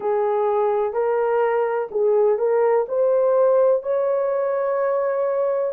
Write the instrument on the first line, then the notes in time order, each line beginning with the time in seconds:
horn
0.00 G#4
0.93 A#4
1.91 G#4
2.38 A#4
2.88 C5
3.83 C#5